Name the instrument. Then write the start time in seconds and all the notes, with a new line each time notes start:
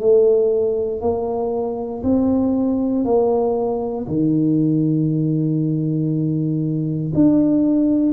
tuba
0.00 A3
1.01 A#3
2.03 C4
3.05 A#3
4.08 D#3
7.15 D4